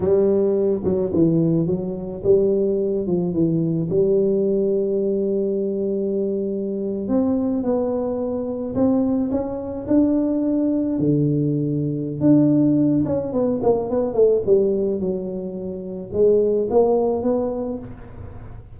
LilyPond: \new Staff \with { instrumentName = "tuba" } { \time 4/4 \tempo 4 = 108 g4. fis8 e4 fis4 | g4. f8 e4 g4~ | g1~ | g8. c'4 b2 c'16~ |
c'8. cis'4 d'2 d16~ | d2 d'4. cis'8 | b8 ais8 b8 a8 g4 fis4~ | fis4 gis4 ais4 b4 | }